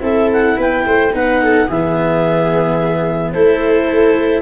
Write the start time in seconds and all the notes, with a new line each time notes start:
0.00 C4 E4 A4 E5
0.32 F#5
0.57 B3 B4 G5
0.86 A3 C5
1.12 B3 D#4 B4 F#5
1.42 A4
1.67 E3 B3 G#4 E5
3.31 A3 E4 A4 C5